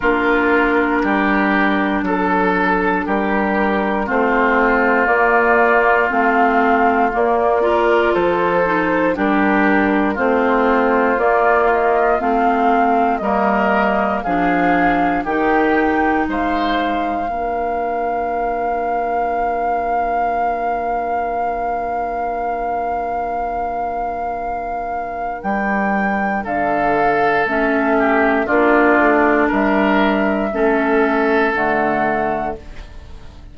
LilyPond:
<<
  \new Staff \with { instrumentName = "flute" } { \time 4/4 \tempo 4 = 59 ais'2 a'4 ais'4 | c''4 d''4 f''4 d''4 | c''4 ais'4 c''4 d''8 dis''8 | f''4 dis''4 f''4 g''4 |
f''1~ | f''1~ | f''4 g''4 f''4 e''4 | d''4 e''2 fis''4 | }
  \new Staff \with { instrumentName = "oboe" } { \time 4/4 f'4 g'4 a'4 g'4 | f'2.~ f'8 ais'8 | a'4 g'4 f'2~ | f'4 ais'4 gis'4 g'4 |
c''4 ais'2.~ | ais'1~ | ais'2 a'4. g'8 | f'4 ais'4 a'2 | }
  \new Staff \with { instrumentName = "clarinet" } { \time 4/4 d'1 | c'4 ais4 c'4 ais8 f'8~ | f'8 dis'8 d'4 c'4 ais4 | c'4 ais4 d'4 dis'4~ |
dis'4 d'2.~ | d'1~ | d'2. cis'4 | d'2 cis'4 a4 | }
  \new Staff \with { instrumentName = "bassoon" } { \time 4/4 ais4 g4 fis4 g4 | a4 ais4 a4 ais4 | f4 g4 a4 ais4 | a4 g4 f4 dis4 |
gis4 ais2.~ | ais1~ | ais4 g4 d4 a4 | ais8 a8 g4 a4 d4 | }
>>